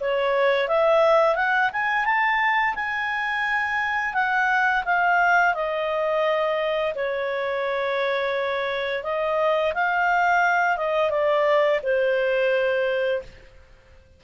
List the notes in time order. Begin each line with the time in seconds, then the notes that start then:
0.00 C#5
0.68 E5
1.35 F#5
1.73 G#5
2.05 A5
2.75 G#5
4.14 F#5
4.85 F5
5.54 D#5
6.95 C#5
9.03 D#5
9.74 F5
10.77 D#5
11.11 D5
11.83 C5